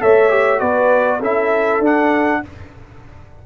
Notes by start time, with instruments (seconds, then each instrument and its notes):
0.00 tuba A3, trombone A4, horn C#5, trumpet E5
0.29 trombone G4
0.59 tuba B3, trombone F#4, horn B4, trumpet D5
1.19 tuba C#4, trombone E4, horn A4, trumpet E5
1.79 tuba D4, trombone D4, trumpet F#5